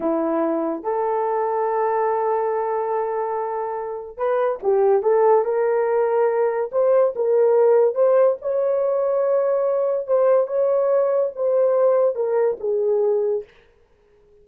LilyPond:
\new Staff \with { instrumentName = "horn" } { \time 4/4 \tempo 4 = 143 e'2 a'2~ | a'1~ | a'2 b'4 g'4 | a'4 ais'2. |
c''4 ais'2 c''4 | cis''1 | c''4 cis''2 c''4~ | c''4 ais'4 gis'2 | }